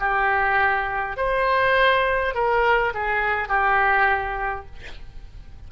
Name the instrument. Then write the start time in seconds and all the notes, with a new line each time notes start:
oboe
0.00 G4
1.17 C5
2.35 A#4
2.94 G#4
3.49 G4